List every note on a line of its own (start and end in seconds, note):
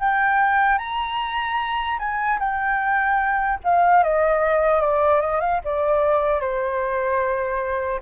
0.00 0.79 G5
0.79 1.99 A#5
1.99 2.39 G#5
2.39 3.59 G5
3.64 4.03 F5
4.03 4.81 D#5
4.81 5.21 D5
5.21 5.41 D#5
5.41 5.61 F5
5.65 6.41 D5
6.41 8.01 C5